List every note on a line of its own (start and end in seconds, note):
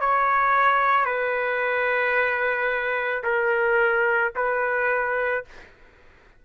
0.00 1.05 C#5
1.05 3.23 B4
3.23 4.32 A#4
4.35 5.44 B4